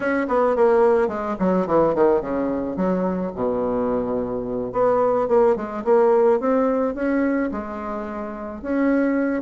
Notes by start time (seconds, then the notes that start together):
0.00 C#4
0.28 B3
0.56 A#3
1.08 G#3
1.39 F#3
1.66 E3
1.94 D#3
2.21 C#3
2.76 F#3
3.35 B2
4.72 B3
5.28 A#3
5.56 G#3
5.84 A#3
6.40 C4
6.94 C#4
7.51 G#3
8.62 C#4